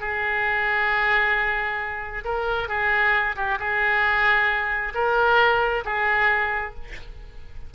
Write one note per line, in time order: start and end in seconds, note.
0.00 2.24 G#4
2.24 2.68 A#4
2.68 3.35 G#4
3.36 3.58 G4
3.59 4.93 G#4
4.94 5.84 A#4
5.85 6.74 G#4